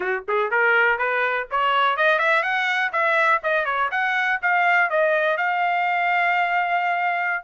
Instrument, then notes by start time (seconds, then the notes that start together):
trumpet
0.00 F#4
0.28 G#4
0.50 A#4
0.98 B4
1.50 C#5
1.96 D#5
2.18 E5
2.42 F#5
2.92 E5
3.43 D#5
3.65 C#5
3.91 F#5
4.41 F5
4.90 D#5
5.37 F5